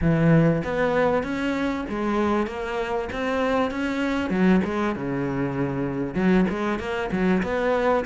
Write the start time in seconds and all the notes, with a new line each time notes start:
0.01 E3
0.64 B3
1.23 C#4
1.89 G#3
2.47 A#3
3.12 C4
3.70 C#4
4.30 F#3
4.64 G#3
4.95 C#3
6.14 F#3
6.49 G#3
6.79 A#3
7.11 F#3
7.42 B3